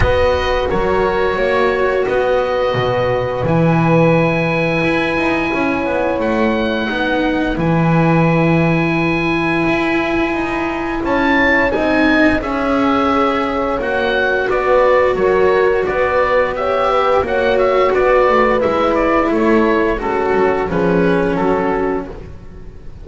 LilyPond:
<<
  \new Staff \with { instrumentName = "oboe" } { \time 4/4 \tempo 4 = 87 dis''4 cis''2 dis''4~ | dis''4 gis''2.~ | gis''4 fis''2 gis''4~ | gis''1 |
a''4 gis''4 e''2 | fis''4 d''4 cis''4 d''4 | e''4 fis''8 e''8 d''4 e''8 d''8 | cis''4 a'4 b'4 a'4 | }
  \new Staff \with { instrumentName = "horn" } { \time 4/4 b'4 ais'4 cis''4 b'4~ | b'1 | cis''2 b'2~ | b'1 |
cis''4 dis''4 cis''2~ | cis''4 b'4 ais'4 b'4 | cis''8 b'8 cis''4 b'2 | a'4 cis'4 gis'4 fis'4 | }
  \new Staff \with { instrumentName = "cello" } { \time 4/4 fis'1~ | fis'4 e'2.~ | e'2 dis'4 e'4~ | e'1~ |
e'4 dis'4 gis'2 | fis'1 | g'4 fis'2 e'4~ | e'4 fis'4 cis'2 | }
  \new Staff \with { instrumentName = "double bass" } { \time 4/4 b4 fis4 ais4 b4 | b,4 e2 e'8 dis'8 | cis'8 b8 a4 b4 e4~ | e2 e'4 dis'4 |
cis'4 c'4 cis'2 | ais4 b4 fis4 b4~ | b4 ais4 b8 a8 gis4 | a4 gis8 fis8 f4 fis4 | }
>>